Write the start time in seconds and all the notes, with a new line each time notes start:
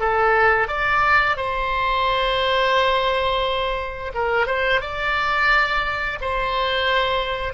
0.00 A4
0.68 D5
1.37 C5
4.15 A#4
4.47 C5
4.82 D5
6.21 C5